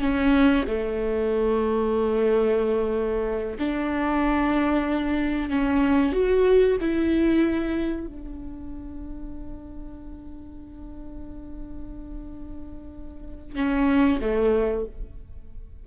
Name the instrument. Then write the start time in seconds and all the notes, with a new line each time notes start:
viola
0.00 C#4
0.67 A3
3.59 D4
5.49 C#4
6.13 F#4
6.80 E4
8.07 D4
13.55 C#4
14.21 A3